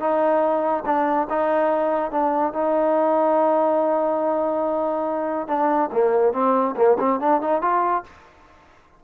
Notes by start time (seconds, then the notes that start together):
0.00 D#4
0.86 D4
1.30 D#4
2.12 D4
2.54 D#4
5.48 D4
5.93 A#3
6.33 C4
6.77 A#3
6.99 C4
7.20 D4
7.42 D#4
7.62 F4